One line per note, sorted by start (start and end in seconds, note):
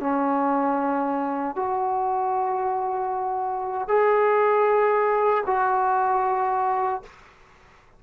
0.00 1.55 C#4
1.55 3.88 F#4
3.88 5.44 G#4
5.46 7.02 F#4